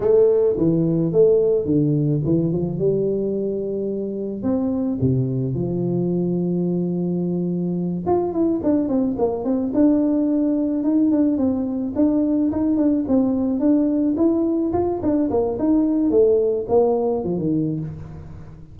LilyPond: \new Staff \with { instrumentName = "tuba" } { \time 4/4 \tempo 4 = 108 a4 e4 a4 d4 | e8 f8 g2. | c'4 c4 f2~ | f2~ f8 f'8 e'8 d'8 |
c'8 ais8 c'8 d'2 dis'8 | d'8 c'4 d'4 dis'8 d'8 c'8~ | c'8 d'4 e'4 f'8 d'8 ais8 | dis'4 a4 ais4 f16 dis8. | }